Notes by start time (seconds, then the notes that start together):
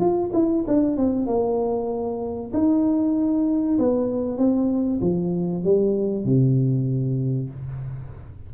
0.00 F4
0.34 E4
0.68 D4
0.97 C4
1.27 A#3
2.54 D#4
3.79 B3
4.38 C4
5.01 F3
5.64 G3
6.25 C3